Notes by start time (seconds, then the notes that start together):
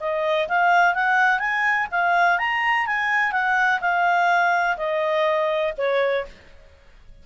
0.00 D#5
0.49 F5
0.94 F#5
1.39 G#5
1.92 F5
2.39 A#5
2.86 G#5
3.32 F#5
3.81 F5
4.77 D#5
5.78 C#5